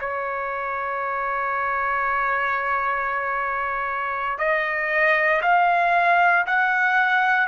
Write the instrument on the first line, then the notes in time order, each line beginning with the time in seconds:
trumpet
0.00 C#5
4.38 D#5
5.42 F5
6.46 F#5